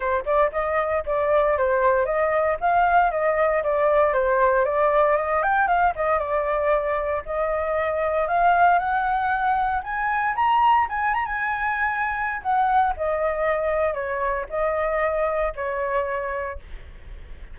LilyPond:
\new Staff \with { instrumentName = "flute" } { \time 4/4 \tempo 4 = 116 c''8 d''8 dis''4 d''4 c''4 | dis''4 f''4 dis''4 d''4 | c''4 d''4 dis''8 g''8 f''8 dis''8 | d''2 dis''2 |
f''4 fis''2 gis''4 | ais''4 gis''8 ais''16 gis''2~ gis''16 | fis''4 dis''2 cis''4 | dis''2 cis''2 | }